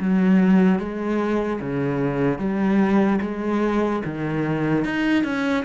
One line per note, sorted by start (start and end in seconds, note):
0.00 0.79 F#3
0.79 1.60 G#3
1.61 2.39 C#3
2.39 3.20 G3
3.22 4.03 G#3
4.05 4.85 D#3
4.85 5.24 D#4
5.24 5.65 C#4